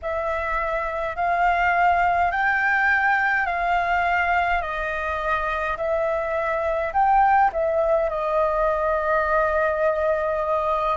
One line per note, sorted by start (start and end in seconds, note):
0.02 1.15 E5
1.15 2.31 F5
2.31 3.46 G5
3.46 4.61 F5
4.61 5.76 D#5
5.77 6.92 E5
6.93 7.51 G5
7.53 8.09 E5
8.09 10.96 D#5